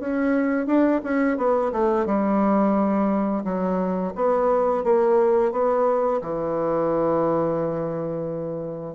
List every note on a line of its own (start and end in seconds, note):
0.00 0.67 C#4
0.67 1.01 D4
1.04 1.38 C#4
1.38 1.72 B3
1.72 2.06 A3
2.06 3.44 G3
3.45 4.13 F#3
4.16 4.84 B3
4.84 5.52 A#3
5.52 6.21 B3
6.21 8.95 E3